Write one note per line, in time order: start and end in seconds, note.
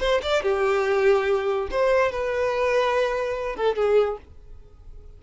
0.00 0.21 C5
0.22 0.43 D5
0.43 1.68 G4
1.70 2.11 C5
2.11 3.55 B4
3.55 3.76 A4
3.76 4.17 G#4